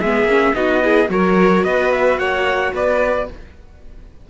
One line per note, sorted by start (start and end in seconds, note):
0.00 0.23 G#3
0.00 0.29 B3
0.00 0.55 G#4
0.00 0.54 E5
0.23 0.51 A#3
0.23 0.54 C#4
0.54 1.09 B3
0.54 0.81 D#4
0.54 0.83 F#4
0.54 1.09 D#5
0.82 1.07 E4
0.82 1.10 G#4
1.07 1.63 F#3
1.07 3.25 F#4
1.07 1.64 A#4
1.07 1.63 C#5
1.63 2.18 B3
1.63 2.19 B4
1.63 1.91 D#5
1.91 2.18 E5
2.18 2.72 A#3
2.18 2.73 C#5
2.18 2.73 F#5
2.73 3.27 B3
2.73 3.29 B4
2.73 3.30 D5